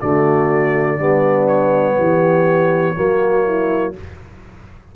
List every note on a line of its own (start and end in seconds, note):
0.00 0.99 D3
0.00 0.98 A3
0.00 0.97 F#4
0.00 1.48 D5
0.97 1.98 G3
0.97 2.95 B3
0.97 1.95 D4
1.48 3.93 C#5
1.97 2.97 E3
1.97 2.95 G4
2.95 3.95 F#3
2.95 3.93 A#3
2.95 3.45 F#4
3.45 3.94 E4